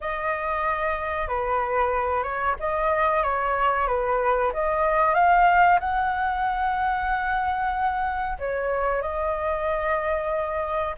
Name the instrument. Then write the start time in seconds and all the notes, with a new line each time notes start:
flute
0.00 D#5
1.27 B4
2.23 C#5
2.59 D#5
3.23 C#5
3.87 B4
4.53 D#5
5.14 F5
5.80 F#5
8.39 C#5
9.01 D#5